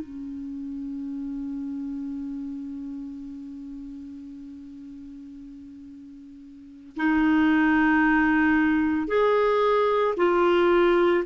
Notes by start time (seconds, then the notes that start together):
0.00 C#4
6.96 D#4
9.08 G#4
10.17 F4